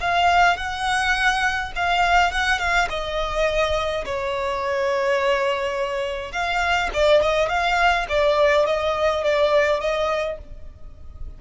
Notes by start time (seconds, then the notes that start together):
0.00 F5
0.57 F#5
1.76 F5
2.32 F#5
2.59 F5
2.90 D#5
4.05 C#5
6.32 F5
6.94 D5
7.21 D#5
7.48 F5
8.09 D5
8.66 D#5
9.23 D5
9.80 D#5